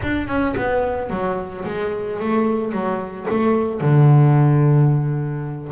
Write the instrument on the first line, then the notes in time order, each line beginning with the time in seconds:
double bass
0.02 D4
0.27 C#4
0.56 B3
1.09 F#3
1.65 G#3
2.19 A3
2.72 F#3
3.30 A3
3.80 D3